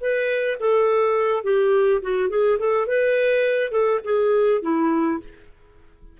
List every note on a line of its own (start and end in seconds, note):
0.00 0.58 B4
0.59 1.43 A4
1.43 2.01 G4
2.02 2.29 F#4
2.29 2.58 G#4
2.59 2.86 A4
2.86 3.71 B4
3.71 4.00 A4
4.04 4.62 G#4
4.62 5.19 E4